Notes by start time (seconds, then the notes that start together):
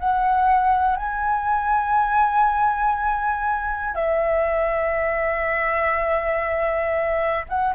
0.00 F#5
0.97 G#5
3.95 E5
7.49 F#5